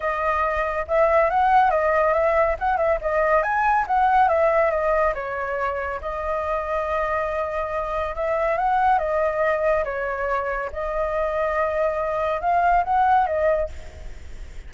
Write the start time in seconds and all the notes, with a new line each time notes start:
0.00 D#5
0.87 E5
1.30 F#5
1.70 D#5
2.13 E5
2.59 F#5
2.77 E5
3.01 D#5
3.42 G#5
3.87 F#5
4.28 E5
4.70 D#5
5.14 C#5
6.01 D#5
8.15 E5
8.57 F#5
8.98 D#5
9.84 C#5
10.72 D#5
12.41 F5
12.84 F#5
13.26 D#5